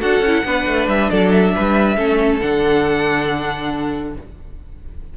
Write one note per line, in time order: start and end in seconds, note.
0.00 0.20 D4
0.00 0.22 F#4
0.00 0.44 A4
0.00 0.87 F#5
0.20 0.42 C#4
0.27 0.45 E4
0.44 0.66 B3
0.44 1.96 D4
0.44 1.11 B4
0.67 0.87 A3
0.87 1.09 G3
0.87 1.10 E5
1.10 1.55 F#3
1.10 1.54 A4
1.10 1.32 D5
1.32 2.40 E5
1.54 1.97 G3
1.54 1.97 B4
1.96 2.40 A3
1.96 2.40 C#4
1.96 4.14 A4
2.40 4.16 D3
2.40 4.16 D4
2.40 4.14 F#5